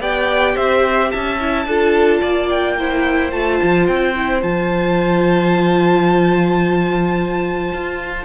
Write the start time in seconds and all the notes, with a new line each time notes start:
0.00 B3 G4 D5 G5
0.55 C4 C5 E5
1.10 C#4 E5 A5
1.39 E4
1.65 D4 F4 A4
2.21 A#3 D5
2.49 G5
2.78 E4 C5
3.31 A3 F4 A5
3.63 F3
3.86 C4 G5
4.15 E4
4.42 F3 F4 A5
7.73 F4